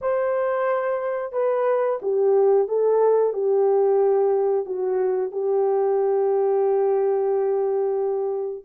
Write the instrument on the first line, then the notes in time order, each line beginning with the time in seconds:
horn
0.01 C5
1.32 B4
2.02 G4
2.68 A4
3.33 G4
4.65 F#4
5.32 G4